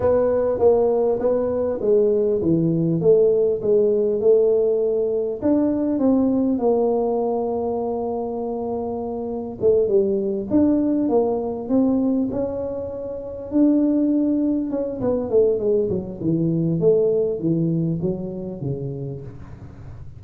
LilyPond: \new Staff \with { instrumentName = "tuba" } { \time 4/4 \tempo 4 = 100 b4 ais4 b4 gis4 | e4 a4 gis4 a4~ | a4 d'4 c'4 ais4~ | ais1 |
a8 g4 d'4 ais4 c'8~ | c'8 cis'2 d'4.~ | d'8 cis'8 b8 a8 gis8 fis8 e4 | a4 e4 fis4 cis4 | }